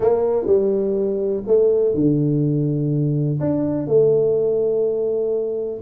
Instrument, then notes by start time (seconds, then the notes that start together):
tuba
0.00 A#3
0.46 G3
1.46 A3
1.94 D3
3.40 D4
3.87 A3